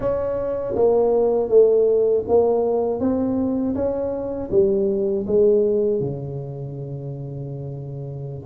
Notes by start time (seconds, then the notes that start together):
0.00 C#4
0.75 A#3
1.49 A3
2.27 A#3
3.00 C4
3.75 C#4
4.50 G3
5.26 G#3
6.00 C#3